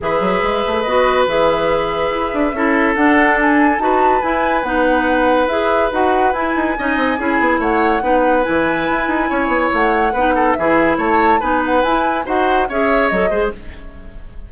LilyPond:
<<
  \new Staff \with { instrumentName = "flute" } { \time 4/4 \tempo 4 = 142 e''2 dis''4 e''4~ | e''2. fis''4 | gis''4 a''4 gis''4 fis''4~ | fis''4 e''4 fis''4 gis''4~ |
gis''2 fis''2 | gis''2. fis''4~ | fis''4 e''4 a''4 gis''8 fis''8 | gis''4 fis''4 e''4 dis''4 | }
  \new Staff \with { instrumentName = "oboe" } { \time 4/4 b'1~ | b'2 a'2~ | a'4 b'2.~ | b'1 |
dis''4 gis'4 cis''4 b'4~ | b'2 cis''2 | b'8 a'8 gis'4 cis''4 b'4~ | b'4 c''4 cis''4. c''8 | }
  \new Staff \with { instrumentName = "clarinet" } { \time 4/4 gis'2 fis'4 gis'4~ | gis'2 e'4 d'4~ | d'4 fis'4 e'4 dis'4~ | dis'4 gis'4 fis'4 e'4 |
dis'4 e'2 dis'4 | e'1 | dis'4 e'2 dis'4 | e'4 fis'4 gis'4 a'8 gis'8 | }
  \new Staff \with { instrumentName = "bassoon" } { \time 4/4 e8 fis8 gis8 a8 b4 e4~ | e4 e'8 d'8 cis'4 d'4~ | d'4 dis'4 e'4 b4~ | b4 e'4 dis'4 e'8 dis'8 |
cis'8 c'8 cis'8 b8 a4 b4 | e4 e'8 dis'8 cis'8 b8 a4 | b4 e4 a4 b4 | e'4 dis'4 cis'4 fis8 gis8 | }
>>